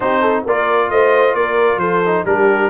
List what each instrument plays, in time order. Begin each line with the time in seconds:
0.00 tuba C4, trombone D#4, horn G4, trumpet C5
0.21 horn A4
0.45 tuba A#3, trombone F4, horn A#4, trumpet D5
0.89 tuba A3, horn C5, trumpet D#5
1.34 tuba A#3, horn A#4, trumpet D5
1.76 tuba F3, horn A4, trumpet C5
2.05 trombone D#4
2.25 tuba G3, trombone D4, horn G4, trumpet A#4